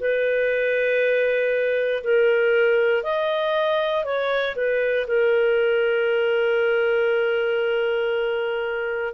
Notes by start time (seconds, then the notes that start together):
0.00 B4
2.03 A#4
3.03 D#5
4.04 C#5
4.56 B4
5.07 A#4